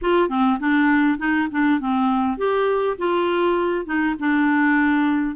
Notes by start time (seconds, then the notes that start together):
0.01 F4
0.29 C4
0.59 D4
1.18 D#4
1.51 D4
1.80 C4
2.37 G4
2.98 F4
3.85 D#4
4.19 D4